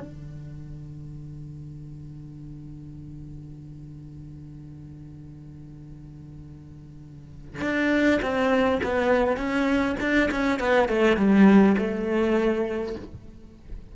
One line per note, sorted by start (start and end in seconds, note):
0.00 7.61 D3
7.61 8.20 D4
8.22 8.81 C4
8.83 9.37 B3
9.37 9.96 C#4
10.01 10.30 D4
10.31 10.60 C#4
10.60 10.89 B3
10.89 11.17 A3
11.17 11.76 G3
11.78 12.95 A3